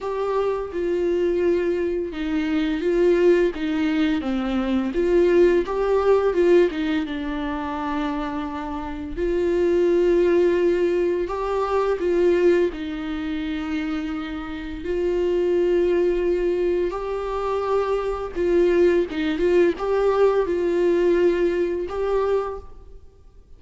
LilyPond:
\new Staff \with { instrumentName = "viola" } { \time 4/4 \tempo 4 = 85 g'4 f'2 dis'4 | f'4 dis'4 c'4 f'4 | g'4 f'8 dis'8 d'2~ | d'4 f'2. |
g'4 f'4 dis'2~ | dis'4 f'2. | g'2 f'4 dis'8 f'8 | g'4 f'2 g'4 | }